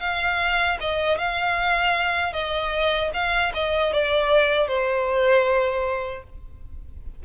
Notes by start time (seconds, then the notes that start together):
0.00 F5
0.81 D#5
1.18 F5
2.33 D#5
3.14 F5
3.54 D#5
3.93 D5
4.68 C5